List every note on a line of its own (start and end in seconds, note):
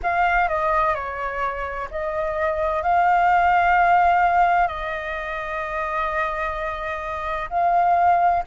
0.03 0.48 F5
0.48 0.94 D#5
0.94 1.88 C#5
1.90 2.82 D#5
2.82 4.67 F5
4.67 7.49 D#5
7.49 8.43 F5